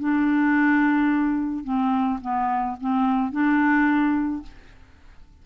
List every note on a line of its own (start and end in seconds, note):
0.00 1.64 D4
1.64 2.20 C4
2.22 2.78 B3
2.81 3.32 C4
3.32 4.43 D4